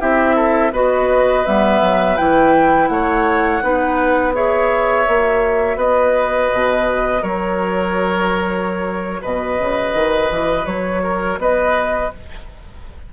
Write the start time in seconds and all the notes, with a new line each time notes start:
0.00 C4 E4 G4 E5
0.36 A4
0.73 B3 F#4 B4 D#5
1.45 G3 B3 E5
1.82 F#3
2.18 E3 E4 G5
2.89 A3 C#5 F#5
3.63 B3 D#4 B4
4.34 G#4 C#5 E5
5.06 A#3 F#4
5.77 B3 B4 D#5
6.53 B2
7.23 F#3 A#4 C#5
9.22 B2 B4 D#5
9.60 C#3
9.95 D#3
10.31 E3
10.67 F#3 C#5
11.04 A#4
11.39 B3 B4 D#5